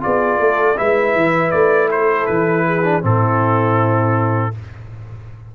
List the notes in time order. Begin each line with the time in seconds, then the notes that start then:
0.00 B3 F4 G#4 D5
0.39 A3 A4
0.76 G#3 E4 B4 E5
1.15 E3
1.51 A3 D5
1.91 A4 C5
2.26 E3 B4
2.66 G#4
2.84 D4
3.02 A2 C4 E4 A4